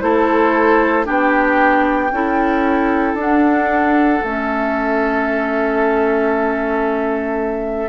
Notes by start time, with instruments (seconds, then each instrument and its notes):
0.00 bassoon A3, clarinet E4, oboe A4, flute C5
1.04 bassoon B3, clarinet D4, oboe G4, flute G5
2.11 bassoon C#4, clarinet E4, oboe A4
3.14 bassoon D4, clarinet D4, flute F#5
4.23 bassoon A3, clarinet C#4, flute E5